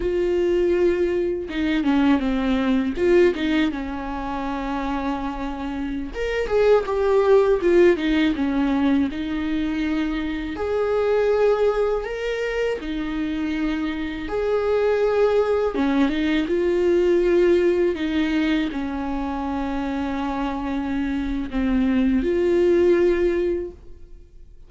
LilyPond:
\new Staff \with { instrumentName = "viola" } { \time 4/4 \tempo 4 = 81 f'2 dis'8 cis'8 c'4 | f'8 dis'8 cis'2.~ | cis'16 ais'8 gis'8 g'4 f'8 dis'8 cis'8.~ | cis'16 dis'2 gis'4.~ gis'16~ |
gis'16 ais'4 dis'2 gis'8.~ | gis'4~ gis'16 cis'8 dis'8 f'4.~ f'16~ | f'16 dis'4 cis'2~ cis'8.~ | cis'4 c'4 f'2 | }